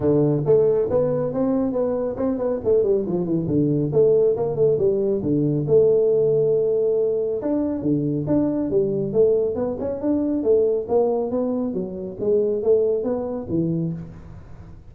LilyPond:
\new Staff \with { instrumentName = "tuba" } { \time 4/4 \tempo 4 = 138 d4 a4 b4 c'4 | b4 c'8 b8 a8 g8 f8 e8 | d4 a4 ais8 a8 g4 | d4 a2.~ |
a4 d'4 d4 d'4 | g4 a4 b8 cis'8 d'4 | a4 ais4 b4 fis4 | gis4 a4 b4 e4 | }